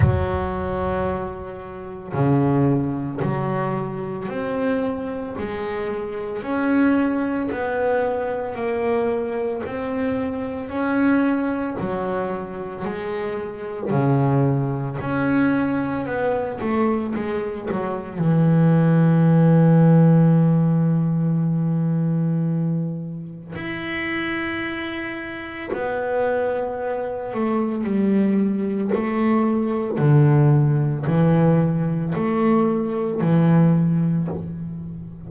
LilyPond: \new Staff \with { instrumentName = "double bass" } { \time 4/4 \tempo 4 = 56 fis2 cis4 fis4 | c'4 gis4 cis'4 b4 | ais4 c'4 cis'4 fis4 | gis4 cis4 cis'4 b8 a8 |
gis8 fis8 e2.~ | e2 e'2 | b4. a8 g4 a4 | d4 e4 a4 e4 | }